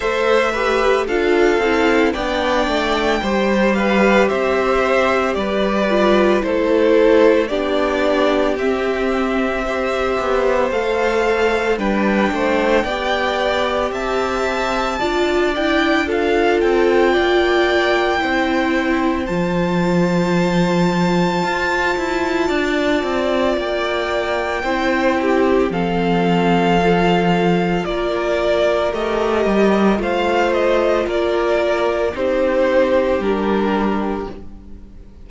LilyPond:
<<
  \new Staff \with { instrumentName = "violin" } { \time 4/4 \tempo 4 = 56 e''4 f''4 g''4. f''8 | e''4 d''4 c''4 d''4 | e''2 f''4 g''4~ | g''4 a''4. g''8 f''8 g''8~ |
g''2 a''2~ | a''2 g''2 | f''2 d''4 dis''4 | f''8 dis''8 d''4 c''4 ais'4 | }
  \new Staff \with { instrumentName = "violin" } { \time 4/4 c''8 b'8 a'4 d''4 c''8 b'8 | c''4 b'4 a'4 g'4~ | g'4 c''2 b'8 c''8 | d''4 e''4 d''4 a'4 |
d''4 c''2.~ | c''4 d''2 c''8 g'8 | a'2 ais'2 | c''4 ais'4 g'2 | }
  \new Staff \with { instrumentName = "viola" } { \time 4/4 a'8 g'8 f'8 e'8 d'4 g'4~ | g'4. f'8 e'4 d'4 | c'4 g'4 a'4 d'4 | g'2 f'8 e'8 f'4~ |
f'4 e'4 f'2~ | f'2. e'4 | c'4 f'2 g'4 | f'2 dis'4 d'4 | }
  \new Staff \with { instrumentName = "cello" } { \time 4/4 a4 d'8 c'8 b8 a8 g4 | c'4 g4 a4 b4 | c'4. b8 a4 g8 a8 | b4 c'4 d'4. c'8 |
ais4 c'4 f2 | f'8 e'8 d'8 c'8 ais4 c'4 | f2 ais4 a8 g8 | a4 ais4 c'4 g4 | }
>>